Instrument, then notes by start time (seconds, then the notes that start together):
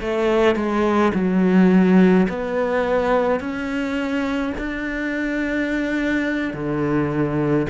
cello
0.00 A3
0.55 G#3
1.14 F#3
2.28 B3
3.40 C#4
4.57 D4
6.53 D3